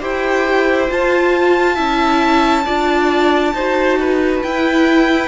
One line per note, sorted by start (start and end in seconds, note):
0.00 0.90 E4
0.00 0.88 G4
0.00 1.74 C5
0.00 0.91 G5
0.88 1.76 F4
0.88 1.78 F4
0.88 4.43 A5
1.74 2.66 C#4
1.74 2.64 E4
1.74 2.63 E5
2.65 3.53 D4
2.65 3.54 F4
2.65 3.53 D5
3.53 4.42 D#4
3.53 4.44 F#4
3.53 3.99 C5
3.99 5.28 B4
4.43 5.28 E4
4.43 5.28 G5